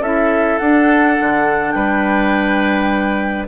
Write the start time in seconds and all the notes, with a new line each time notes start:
0.00 C#4 E4 A4 E5
0.58 D4 F#5
1.20 D3
1.72 G3 B4 G5